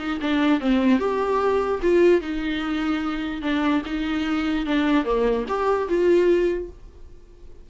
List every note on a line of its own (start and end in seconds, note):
0.00 0.20 D#4
0.21 0.60 D4
0.60 0.99 C4
0.99 1.80 G4
1.83 2.21 F4
2.21 3.42 D#4
3.42 3.83 D4
3.86 4.66 D#4
4.66 5.05 D4
5.05 5.45 A#3
5.48 5.89 G4
5.89 6.70 F4